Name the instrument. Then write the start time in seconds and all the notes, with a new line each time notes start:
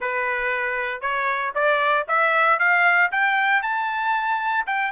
trumpet
0.00 B4
1.01 C#5
1.54 D5
2.08 E5
2.59 F5
3.11 G5
3.62 A5
4.66 G5